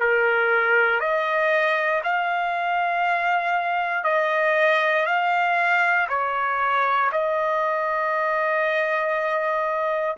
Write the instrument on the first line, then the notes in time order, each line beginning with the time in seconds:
trumpet
0.00 A#4
1.00 D#5
2.03 F5
4.04 D#5
5.06 F5
6.09 C#5
7.12 D#5